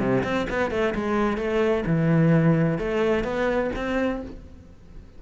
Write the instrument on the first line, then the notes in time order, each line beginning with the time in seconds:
cello
0.00 C3
0.24 C4
0.50 B3
0.71 A3
0.95 G#3
1.38 A3
1.86 E3
2.79 A3
3.24 B3
3.76 C4